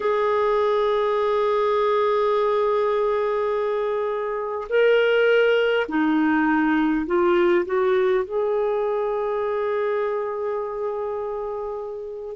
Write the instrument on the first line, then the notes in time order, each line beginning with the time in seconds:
clarinet
0.00 G#4
4.69 A#4
5.88 D#4
7.06 F4
7.65 F#4
8.24 G#4